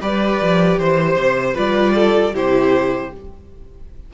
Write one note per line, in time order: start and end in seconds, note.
0.00 0.40 G3
0.00 1.54 G4
0.00 0.79 B4
0.00 0.78 D5
0.41 0.78 F3
0.78 1.16 E3
0.78 1.56 C5
0.78 1.54 C5
1.16 1.55 C3
1.54 2.33 G3
1.54 2.32 F4
1.54 1.93 B4
1.54 2.35 D5
1.94 2.33 A4
2.33 3.11 C3
2.33 3.12 E4
2.33 3.11 G4
2.33 3.13 C5